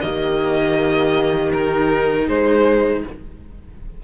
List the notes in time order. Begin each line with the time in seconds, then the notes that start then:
0.00 D#3 A#3 G4 D#5
1.53 D#4 A#4
2.27 G#3 G#4 C5